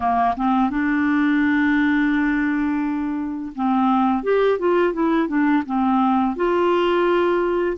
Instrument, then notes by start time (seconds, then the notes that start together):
clarinet
0.00 A#3
0.36 C4
0.70 D4
3.55 C4
4.23 G4
4.58 F4
4.93 E4
5.27 D4
5.66 C4
6.36 F4